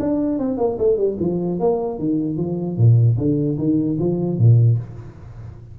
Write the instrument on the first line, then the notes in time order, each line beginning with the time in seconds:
tuba
0.00 D4
0.39 C4
0.58 A#3
0.79 A3
0.98 G3
1.20 F3
1.60 A#3
1.99 D#3
2.38 F3
2.78 A#2
3.18 D3
3.58 D#3
4.00 F3
4.39 A#2